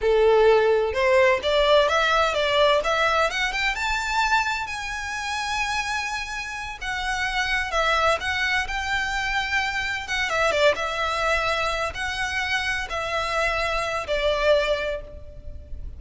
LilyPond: \new Staff \with { instrumentName = "violin" } { \time 4/4 \tempo 4 = 128 a'2 c''4 d''4 | e''4 d''4 e''4 fis''8 g''8 | a''2 gis''2~ | gis''2~ gis''8 fis''4.~ |
fis''8 e''4 fis''4 g''4.~ | g''4. fis''8 e''8 d''8 e''4~ | e''4. fis''2 e''8~ | e''2 d''2 | }